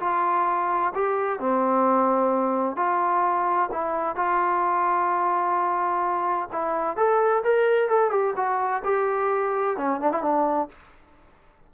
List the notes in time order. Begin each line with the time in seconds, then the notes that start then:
0.00 F4
0.95 G4
1.40 C4
2.77 F4
3.72 E4
4.16 F4
6.52 E4
6.97 A4
7.44 A#4
7.89 A4
8.11 G4
8.36 F#4
8.85 G4
9.77 C#4
10.00 D4
10.12 E4
10.22 D4